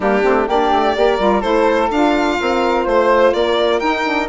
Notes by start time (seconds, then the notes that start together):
0.00 G3 A#3 D4 G4
0.23 A3 C4
0.47 A#3 D4 G4 D5
0.71 A3
0.95 A#3 G4 A#4
1.18 G3 F4
1.40 A3 E4 A4 C5
1.90 D4 F4 F5
2.40 C4 A#4
2.83 A3 C5
3.33 A#3 A#4 D5
3.79 D#4 G5
4.04 D4